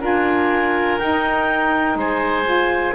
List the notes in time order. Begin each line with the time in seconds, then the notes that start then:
0.00 D4 F4 A#4 G#5
0.98 D#4 G5
1.95 G#3 C5 G#5
2.44 F4